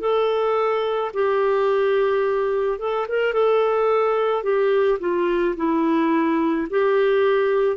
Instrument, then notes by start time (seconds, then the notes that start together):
clarinet
0.00 A4
1.14 G4
2.79 A4
3.09 A#4
3.33 A4
4.43 G4
4.99 F4
5.56 E4
6.70 G4